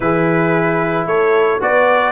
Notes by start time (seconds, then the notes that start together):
0.00 E3 E4 G#4 B4
1.05 A3 A4 C#5
1.60 B3 F#4 B4 D5